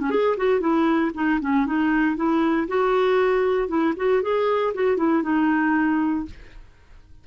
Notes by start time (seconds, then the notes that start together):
0.00 C#4
0.10 G#4
0.37 F#4
0.60 E4
1.14 D#4
1.41 C#4
1.66 D#4
2.16 E4
2.68 F#4
3.69 E4
3.97 F#4
4.22 G#4
4.74 F#4
4.97 E4
5.23 D#4